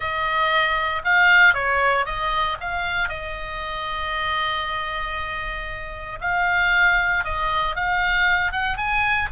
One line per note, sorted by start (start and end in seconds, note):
0.00 1.02 D#5
1.04 1.54 F5
1.54 2.05 C#5
2.05 2.57 D#5
2.60 3.08 F5
3.08 6.19 D#5
6.20 7.24 F5
7.24 7.75 D#5
7.75 8.52 F5
8.52 8.77 F#5
8.77 9.28 G#5